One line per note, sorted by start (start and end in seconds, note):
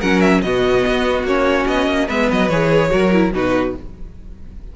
0.00 0.43 F#3
0.00 0.44 C#4
0.00 0.41 A#4
0.00 0.21 F#5
0.21 0.42 E5
0.42 0.84 B2
0.42 1.27 B3
0.42 2.07 F#4
0.42 1.24 D#5
0.86 1.24 B3
1.24 1.65 A#3
1.24 2.08 C#4
1.24 1.67 C#5
1.67 1.87 B3
1.67 2.09 D#5
1.87 2.08 A#3
2.07 2.31 G#3
2.07 2.50 B3
2.07 2.90 B4
2.07 2.30 E5
2.32 2.50 F#3
2.32 2.49 D#5
2.49 2.91 E3
2.49 2.90 G#4
2.49 3.32 C#5
2.90 3.32 F#3
2.90 3.11 F#4
2.90 3.33 A#4
3.12 3.33 E4
3.32 3.74 B2
3.32 3.76 D#4
3.32 3.76 F#4
3.32 3.76 B4